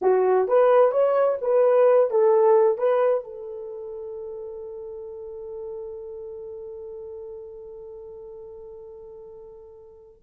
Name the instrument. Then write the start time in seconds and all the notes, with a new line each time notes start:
horn
0.01 F#4
0.48 B4
0.91 C#5
1.41 B4
2.10 A4
2.78 B4
3.24 A4